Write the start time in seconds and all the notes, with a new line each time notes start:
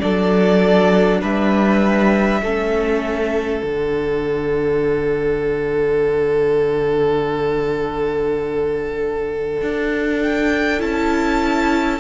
0.00 F#3 D4 A4 D5
1.21 G3 B4 E5
2.42 A3 C#4 A4
3.63 D3 D4 F#5
9.62 D4
10.22 G5
10.79 C#4 E4 A5